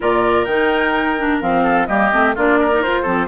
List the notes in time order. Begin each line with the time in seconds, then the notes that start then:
0.00 A#2 F4 A#4 D5
0.44 D#3 D#4 G5
1.19 D4
1.41 F3 C4 F5
1.63 A4
1.86 G3 A#3 G4 D#5
2.11 A3 C4
2.35 A#3 D4 F4 D5
2.60 A#4
2.72 D#4
2.81 F4 C5
3.02 F3 C4 A4